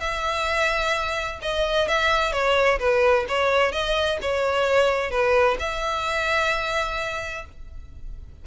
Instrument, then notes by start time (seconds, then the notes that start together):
violin
0.00 E5
1.42 D#5
1.88 E5
2.33 C#5
2.79 B4
3.29 C#5
3.72 D#5
4.22 C#5
5.11 B4
5.59 E5